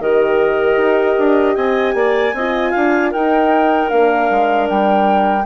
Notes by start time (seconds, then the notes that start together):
0.00 D#3 G4 A#4 D#5
0.76 D#4
1.18 D4
1.55 C4 D#5 G#5
1.94 A#3 D5
2.33 C4 F4 D#5
2.71 D4 F5
3.10 D#4 A#4 G5
3.87 A#3 D4 F5
4.30 G#3
4.69 G3 G5